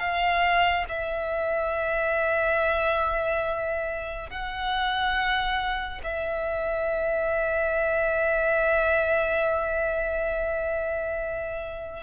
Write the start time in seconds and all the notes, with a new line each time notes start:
0.00 F5
0.89 E5
4.30 F#5
6.04 E5